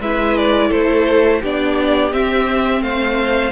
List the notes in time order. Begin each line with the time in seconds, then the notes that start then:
0.00 G#3 E4 B4 E5
0.37 D5
0.68 A3 A4 C5
1.40 B3 D4 G4 D5
2.12 C4 E5
2.81 A3 C5 F5